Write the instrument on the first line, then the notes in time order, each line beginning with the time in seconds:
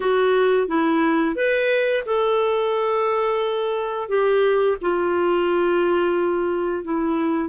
clarinet
0.00 F#4
0.67 E4
1.35 B4
2.05 A4
4.08 G4
4.81 F4
6.84 E4